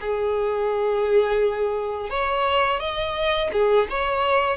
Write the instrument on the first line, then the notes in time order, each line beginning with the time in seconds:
violin
0.00 G#4
2.10 C#5
2.79 D#5
3.52 G#4
3.89 C#5